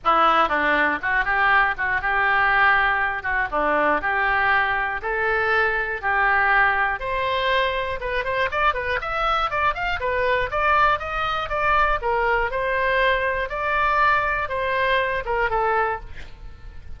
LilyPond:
\new Staff \with { instrumentName = "oboe" } { \time 4/4 \tempo 4 = 120 e'4 d'4 fis'8 g'4 fis'8 | g'2~ g'8 fis'8 d'4 | g'2 a'2 | g'2 c''2 |
b'8 c''8 d''8 b'8 e''4 d''8 f''8 | b'4 d''4 dis''4 d''4 | ais'4 c''2 d''4~ | d''4 c''4. ais'8 a'4 | }